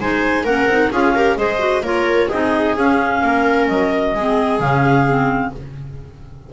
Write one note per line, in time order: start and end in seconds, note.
0.00 0.44 G#3
0.00 0.46 D#4
0.00 0.44 C5
0.00 0.45 G#5
0.44 0.66 A#3
0.44 0.70 C#4
0.44 0.90 A#4
0.44 0.91 F#5
0.66 0.89 C4
0.66 0.92 D#4
0.91 1.37 C#4
0.91 1.15 F4
0.91 1.15 G#4
0.91 1.37 F5
1.15 1.37 G4
1.15 1.38 A#4
1.37 1.82 G#3
1.37 1.59 G#4
1.37 1.83 C5
1.37 1.84 D#5
1.59 1.82 F#4
1.82 2.28 A#3
1.82 2.30 F4
1.82 2.28 A#4
1.82 2.29 C#5
2.28 2.76 C4
2.28 2.77 D#4
2.28 3.20 G#4
2.28 2.75 D#5
2.76 3.22 C#4
2.76 4.17 C#4
2.76 3.68 F5
3.22 3.68 A#3
3.22 4.14 A#4
3.68 4.14 F#3
3.68 4.60 D#5
4.14 4.60 G#3
4.14 4.61 C4
4.14 5.53 G#4
4.60 5.52 C#3
4.60 5.06 C#4
4.60 5.52 F5
5.06 5.52 C4